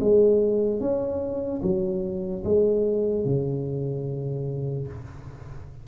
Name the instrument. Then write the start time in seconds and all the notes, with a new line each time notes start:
tuba
0.00 G#3
0.80 C#4
1.62 F#3
2.44 G#3
3.25 C#3